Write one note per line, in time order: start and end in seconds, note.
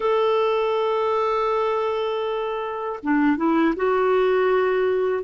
0.00 2.99 A4
3.02 3.36 D4
3.36 3.74 E4
3.76 5.23 F#4